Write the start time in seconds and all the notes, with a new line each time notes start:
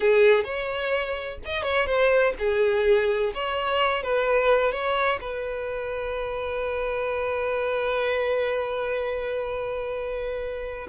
0.00 G#4
0.44 C#5
1.45 D#5
1.62 C#5
1.86 C5
2.39 G#4
3.34 C#5
4.02 B4
4.71 C#5
5.21 B4